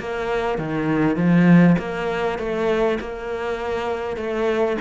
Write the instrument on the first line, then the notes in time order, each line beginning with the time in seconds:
cello
0.00 A#3
0.58 D#3
1.17 F3
1.79 A#3
2.39 A3
3.00 A#3
4.17 A3